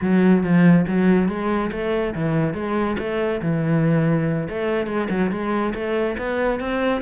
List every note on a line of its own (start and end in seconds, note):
0.01 0.43 F#3
0.43 0.85 F3
0.87 1.28 F#3
1.28 1.70 G#3
1.71 2.14 A3
2.15 2.54 E3
2.54 2.96 G#3
2.98 3.41 A3
3.42 4.48 E3
4.49 4.86 A3
4.86 5.08 G#3
5.09 5.31 F#3
5.31 5.73 G#3
5.74 6.16 A3
6.18 6.60 B3
6.60 7.01 C4